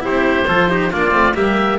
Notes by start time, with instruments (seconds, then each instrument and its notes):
0.00 cello E4, trumpet G4, oboe C5
0.06 double bass C4
0.48 double bass F3, cello F4, trumpet A4
0.70 cello D#4, trumpet G4
0.92 double bass A#3, cello D4, trumpet F4, oboe D5
1.11 double bass A3, cello C4
1.35 double bass G3, cello A#3, trumpet G4, oboe E5